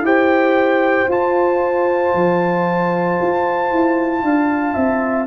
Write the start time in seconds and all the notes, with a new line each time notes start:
0.00 E4 G4 C5 G5
1.08 F4 A5
2.14 F3
3.21 F4
3.71 E4
4.23 D4 F5
4.74 C4 E5